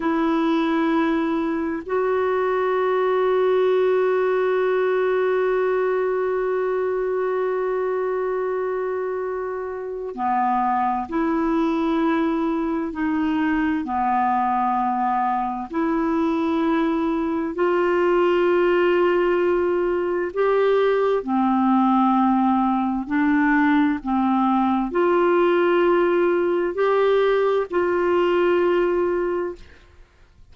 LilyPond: \new Staff \with { instrumentName = "clarinet" } { \time 4/4 \tempo 4 = 65 e'2 fis'2~ | fis'1~ | fis'2. b4 | e'2 dis'4 b4~ |
b4 e'2 f'4~ | f'2 g'4 c'4~ | c'4 d'4 c'4 f'4~ | f'4 g'4 f'2 | }